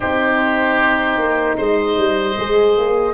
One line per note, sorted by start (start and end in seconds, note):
0.00 1.17 C4
0.00 2.35 D#4
0.00 1.56 G4
0.00 1.57 C5
1.17 1.56 A#3
1.57 1.97 G#3
1.57 3.13 C5
1.57 3.13 D#5
1.97 2.36 G3
2.36 2.77 G#3
2.36 3.13 G#4
2.77 3.13 A#3